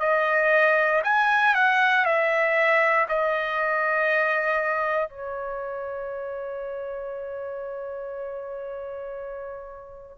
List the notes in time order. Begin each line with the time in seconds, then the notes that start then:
0.00 D#5
1.04 G#5
1.54 F#5
2.05 E5
3.08 D#5
5.09 C#5